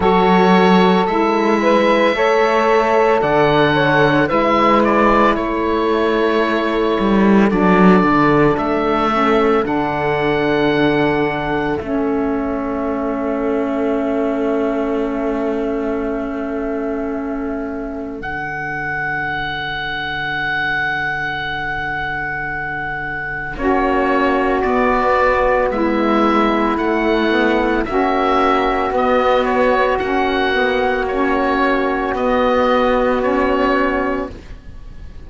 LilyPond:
<<
  \new Staff \with { instrumentName = "oboe" } { \time 4/4 \tempo 4 = 56 cis''4 e''2 fis''4 | e''8 d''8 cis''2 d''4 | e''4 fis''2 e''4~ | e''1~ |
e''4 fis''2.~ | fis''2 cis''4 d''4 | e''4 fis''4 e''4 dis''8 cis''8 | fis''4 cis''4 dis''4 cis''4 | }
  \new Staff \with { instrumentName = "saxophone" } { \time 4/4 a'4. b'8 cis''4 d''8 cis''8 | b'4 a'2.~ | a'1~ | a'1~ |
a'1~ | a'2 fis'2 | e'2 fis'2~ | fis'1 | }
  \new Staff \with { instrumentName = "saxophone" } { \time 4/4 fis'4 e'4 a'2 | e'2. d'4~ | d'8 cis'8 d'2 cis'4~ | cis'1~ |
cis'4 d'2.~ | d'2 cis'4 b4~ | b4 a8 b8 cis'4 b4 | cis'8 b8 cis'4 b4 cis'4 | }
  \new Staff \with { instrumentName = "cello" } { \time 4/4 fis4 gis4 a4 d4 | gis4 a4. g8 fis8 d8 | a4 d2 a4~ | a1~ |
a4 d2.~ | d2 ais4 b4 | gis4 a4 ais4 b4 | ais2 b2 | }
>>